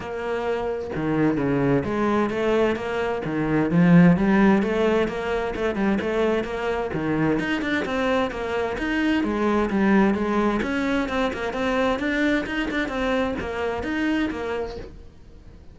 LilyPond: \new Staff \with { instrumentName = "cello" } { \time 4/4 \tempo 4 = 130 ais2 dis4 cis4 | gis4 a4 ais4 dis4 | f4 g4 a4 ais4 | a8 g8 a4 ais4 dis4 |
dis'8 d'8 c'4 ais4 dis'4 | gis4 g4 gis4 cis'4 | c'8 ais8 c'4 d'4 dis'8 d'8 | c'4 ais4 dis'4 ais4 | }